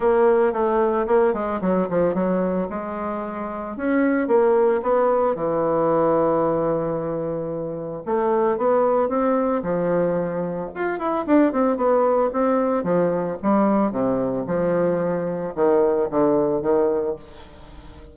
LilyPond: \new Staff \with { instrumentName = "bassoon" } { \time 4/4 \tempo 4 = 112 ais4 a4 ais8 gis8 fis8 f8 | fis4 gis2 cis'4 | ais4 b4 e2~ | e2. a4 |
b4 c'4 f2 | f'8 e'8 d'8 c'8 b4 c'4 | f4 g4 c4 f4~ | f4 dis4 d4 dis4 | }